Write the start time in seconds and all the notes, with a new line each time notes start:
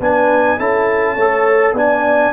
0.00 B3 D4 B4 G#5
0.58 C#4 E4 A4 A5
1.14 A3 A4 C#5
1.73 B3 D4 D5 G#5